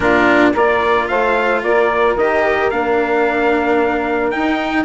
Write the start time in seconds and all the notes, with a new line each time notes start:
0.00 A#2 D4 F4 A#4
0.52 A#3 F4 A#4 D5
1.08 A3 C5 F5
1.63 A#3 A#4 D5
2.15 D#3 G4 D#5
2.70 A#3 D4 F5
4.31 D#4 G5